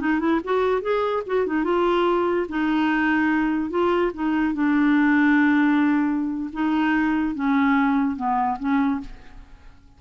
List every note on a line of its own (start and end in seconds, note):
0.00 0.20 D#4
0.20 0.40 E4
0.44 0.81 F#4
0.81 1.23 G#4
1.26 1.46 F#4
1.46 1.64 D#4
1.64 2.47 F4
2.49 3.70 D#4
3.70 4.11 F4
4.14 4.54 D#4
4.54 6.50 D4
6.53 7.35 D#4
7.35 8.16 C#4
8.16 8.57 B3
8.59 9.00 C#4